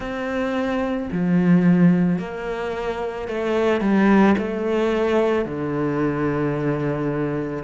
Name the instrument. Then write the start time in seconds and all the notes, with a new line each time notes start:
cello
0.00 C4
1.12 F3
2.18 A#3
3.27 A3
3.80 G3
4.37 A3
5.45 D3